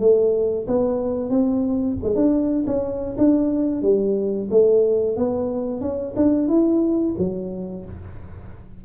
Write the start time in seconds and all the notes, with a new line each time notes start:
0.00 A3
0.68 B3
1.30 C4
2.04 G#3
2.16 D4
2.67 C#4
3.18 D4
3.82 G3
4.51 A3
5.17 B3
5.81 C#4
6.17 D4
6.48 E4
7.18 F#3